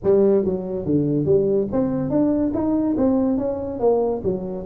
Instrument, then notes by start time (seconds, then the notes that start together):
tuba
0.03 G3
0.44 F#3
0.85 D3
1.25 G3
1.72 C4
2.10 D4
2.54 D#4
2.97 C4
3.37 C#4
3.79 A#3
4.23 F#3